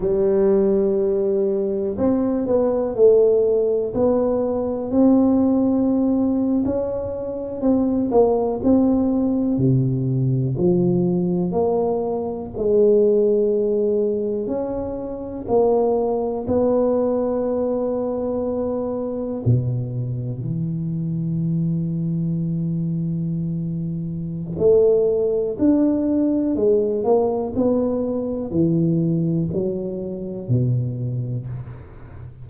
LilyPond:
\new Staff \with { instrumentName = "tuba" } { \time 4/4 \tempo 4 = 61 g2 c'8 b8 a4 | b4 c'4.~ c'16 cis'4 c'16~ | c'16 ais8 c'4 c4 f4 ais16~ | ais8. gis2 cis'4 ais16~ |
ais8. b2. b,16~ | b,8. e2.~ e16~ | e4 a4 d'4 gis8 ais8 | b4 e4 fis4 b,4 | }